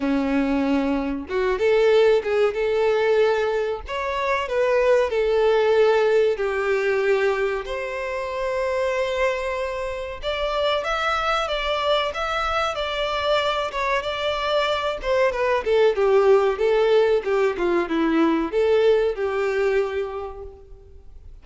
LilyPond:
\new Staff \with { instrumentName = "violin" } { \time 4/4 \tempo 4 = 94 cis'2 fis'8 a'4 gis'8 | a'2 cis''4 b'4 | a'2 g'2 | c''1 |
d''4 e''4 d''4 e''4 | d''4. cis''8 d''4. c''8 | b'8 a'8 g'4 a'4 g'8 f'8 | e'4 a'4 g'2 | }